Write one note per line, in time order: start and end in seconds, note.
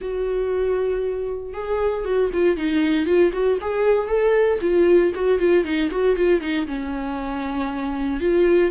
0.01 1.53 F#4
1.53 2.04 G#4
2.04 2.30 F#4
2.33 2.56 F4
2.56 3.05 D#4
3.05 3.31 F4
3.33 3.58 F#4
3.61 4.07 G#4
4.07 4.59 A4
4.61 5.12 F4
5.14 5.38 F#4
5.38 5.64 F4
5.64 5.90 D#4
5.90 6.16 F#4
6.16 6.40 F4
6.40 6.66 D#4
6.66 8.20 C#4
8.20 8.71 F4